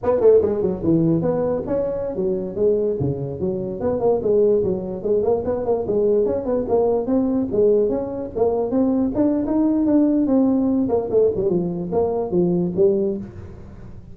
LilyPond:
\new Staff \with { instrumentName = "tuba" } { \time 4/4 \tempo 4 = 146 b8 a8 gis8 fis8 e4 b4 | cis'4~ cis'16 fis4 gis4 cis8.~ | cis16 fis4 b8 ais8 gis4 fis8.~ | fis16 gis8 ais8 b8 ais8 gis4 cis'8 b16~ |
b16 ais4 c'4 gis4 cis'8.~ | cis'16 ais4 c'4 d'8. dis'4 | d'4 c'4. ais8 a8 g8 | f4 ais4 f4 g4 | }